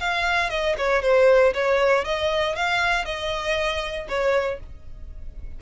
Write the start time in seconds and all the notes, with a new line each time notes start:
0.00 F5
0.50 D#5
0.78 C#5
1.03 C5
1.54 C#5
2.05 D#5
2.56 F5
3.05 D#5
4.09 C#5